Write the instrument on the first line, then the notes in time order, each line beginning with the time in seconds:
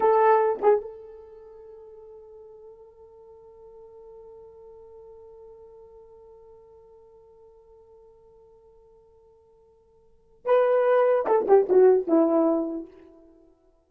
horn
0.00 A4
0.62 G#4
0.81 A4
10.45 B4
11.26 A4
11.47 G4
11.69 F#4
12.07 E4